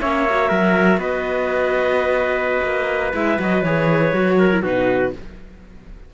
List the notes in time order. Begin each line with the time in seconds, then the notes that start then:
0.00 A#3 C#4 C#5 E5
0.29 F#4
0.48 F#3 A#4
0.97 B3 B4 D#5
2.63 A#3
3.13 G#3 E4 E5
3.39 F#3 F#4 D#5
3.62 E3 G#4 C#5
4.13 F#3 F#4
4.38 A#4
4.51 E4
4.62 B2 D#4 F#4 B4